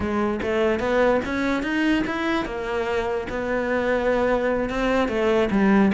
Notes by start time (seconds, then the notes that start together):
0.00 G#3
0.42 A3
0.79 B3
1.25 C#4
1.63 D#4
2.06 E4
2.45 A#3
3.29 B3
4.69 C4
5.08 A3
5.50 G3